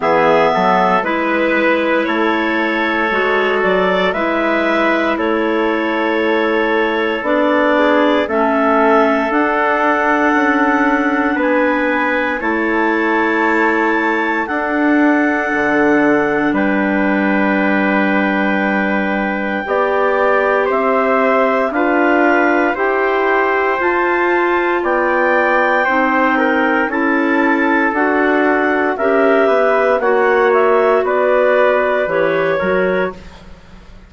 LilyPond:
<<
  \new Staff \with { instrumentName = "clarinet" } { \time 4/4 \tempo 4 = 58 e''4 b'4 cis''4. d''8 | e''4 cis''2 d''4 | e''4 fis''2 gis''4 | a''2 fis''2 |
g''1 | e''4 f''4 g''4 a''4 | g''2 a''4 fis''4 | e''4 fis''8 e''8 d''4 cis''4 | }
  \new Staff \with { instrumentName = "trumpet" } { \time 4/4 gis'8 a'8 b'4 a'2 | b'4 a'2~ a'8 gis'8 | a'2. b'4 | cis''2 a'2 |
b'2. d''4 | c''4 b'4 c''2 | d''4 c''8 ais'8 a'2 | ais'8 b'8 cis''4 b'4. ais'8 | }
  \new Staff \with { instrumentName = "clarinet" } { \time 4/4 b4 e'2 fis'4 | e'2. d'4 | cis'4 d'2. | e'2 d'2~ |
d'2. g'4~ | g'4 f'4 g'4 f'4~ | f'4 dis'4 e'4 fis'4 | g'4 fis'2 g'8 fis'8 | }
  \new Staff \with { instrumentName = "bassoon" } { \time 4/4 e8 fis8 gis4 a4 gis8 fis8 | gis4 a2 b4 | a4 d'4 cis'4 b4 | a2 d'4 d4 |
g2. b4 | c'4 d'4 e'4 f'4 | b4 c'4 cis'4 d'4 | cis'8 b8 ais4 b4 e8 fis8 | }
>>